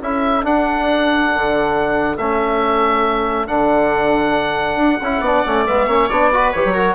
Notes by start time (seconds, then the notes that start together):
0.00 C#4 E4 A4 E5
0.43 D4 F#5
1.35 D3
2.17 A3 C#4 E5
3.47 D3 D4 F#5
4.76 D4
5.01 C#4 E4
5.20 B3 D4 D5
5.46 A3 C#4
5.66 G#3 B3 E5
5.87 A#3 C#4 C#5
6.09 B3 D4 D5
6.33 F#4 B4
6.52 E3 G4 C#5
6.64 F#3
6.74 F#4 A#4